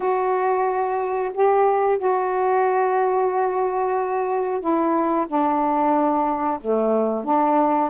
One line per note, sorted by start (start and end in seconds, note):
0.00 1.32 F#4
1.33 1.98 G4
1.98 4.60 F#4
4.60 5.26 E4
5.27 6.59 D4
6.61 7.24 A3
7.24 7.90 D4